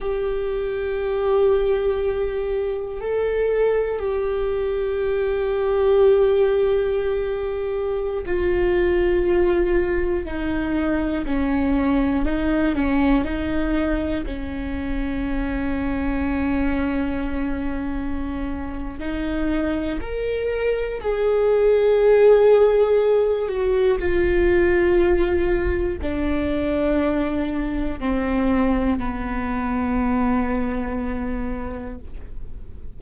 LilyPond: \new Staff \with { instrumentName = "viola" } { \time 4/4 \tempo 4 = 60 g'2. a'4 | g'1~ | g'16 f'2 dis'4 cis'8.~ | cis'16 dis'8 cis'8 dis'4 cis'4.~ cis'16~ |
cis'2. dis'4 | ais'4 gis'2~ gis'8 fis'8 | f'2 d'2 | c'4 b2. | }